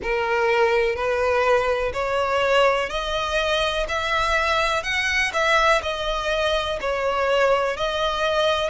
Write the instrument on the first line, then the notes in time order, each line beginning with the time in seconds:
violin
0.02 A#4
0.95 B4
1.93 C#5
2.89 D#5
3.88 E5
4.83 F#5
5.33 E5
5.82 D#5
6.80 C#5
7.76 D#5